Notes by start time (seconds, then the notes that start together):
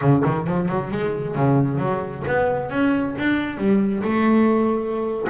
0.01 C#3
0.24 D#3
0.47 F3
0.68 F#3
0.91 G#3
1.35 C#3
1.78 F#3
2.27 B3
2.70 C#4
3.18 D4
3.57 G3
4.03 A3